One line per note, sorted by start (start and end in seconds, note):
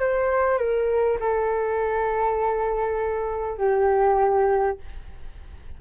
0.00 0.58 C5
0.58 1.18 A#4
1.20 3.58 A4
3.58 4.78 G4